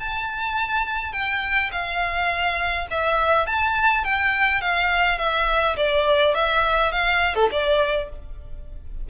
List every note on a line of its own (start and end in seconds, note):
0.00 1.13 A5
1.13 1.71 G5
1.72 2.87 F5
2.91 3.47 E5
3.47 4.05 A5
4.05 4.62 G5
4.62 5.19 F5
5.19 5.76 E5
5.77 6.35 D5
6.35 6.92 E5
6.92 7.36 F5
7.36 7.50 A4
7.52 8.10 D5